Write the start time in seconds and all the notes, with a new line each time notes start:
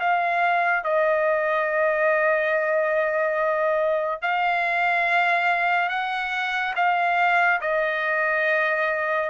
0.00 F5
0.85 D#5
4.23 F5
5.90 F#5
6.76 F5
7.61 D#5